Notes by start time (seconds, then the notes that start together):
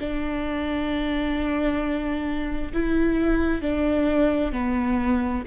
0.00 D4
2.74 E4
3.62 D4
4.52 B3